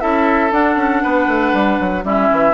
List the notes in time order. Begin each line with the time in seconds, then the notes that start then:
0.00 C#4 E4 A4 E5
0.51 D4 F#5
0.76 C#4
1.03 B3 B4
1.27 A3
1.53 G3
1.80 F#3
2.04 G3 C#4 E4 E5
2.31 E3